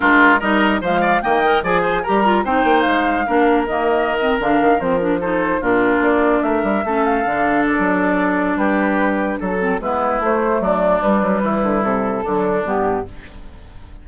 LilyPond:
<<
  \new Staff \with { instrumentName = "flute" } { \time 4/4 \tempo 4 = 147 ais'4 dis''4 f''4 g''4 | gis''4 ais''4 g''4 f''4~ | f''4 dis''4.~ dis''16 f''4 c''16~ | c''16 ais'8 c''4 ais'4 d''4 e''16~ |
e''4~ e''16 f''4. d''4~ d''16~ | d''4 b'2 a'4 | b'4 c''4 d''4 b'4~ | b'4 a'2 g'4 | }
  \new Staff \with { instrumentName = "oboe" } { \time 4/4 f'4 ais'4 c''8 d''8 dis''4 | d''8 c''8 ais'4 c''2 | ais'1~ | ais'8. a'4 f'2 ais'16~ |
ais'8. a'2.~ a'16~ | a'4 g'2 a'4 | e'2 d'2 | e'2 d'2 | }
  \new Staff \with { instrumentName = "clarinet" } { \time 4/4 d'4 dis'4 gis4 ais8 ais'8 | gis'4 g'8 f'8 dis'2 | d'4 ais4~ ais16 c'8 d'4 c'16~ | c'16 d'8 dis'4 d'2~ d'16~ |
d'8. cis'4 d'2~ d'16~ | d'2.~ d'8 c'8 | b4 a2 g4~ | g2 fis4 b4 | }
  \new Staff \with { instrumentName = "bassoon" } { \time 4/4 gis4 g4 f4 dis4 | f4 g4 c'8 ais8 gis4 | ais4 dis4.~ dis16 d8 dis8 f16~ | f4.~ f16 ais,4 ais4 a16~ |
a16 g8 a4 d4~ d16 fis4~ | fis4 g2 fis4 | gis4 a4 fis4 g8 fis8 | e8 d8 c4 d4 g,4 | }
>>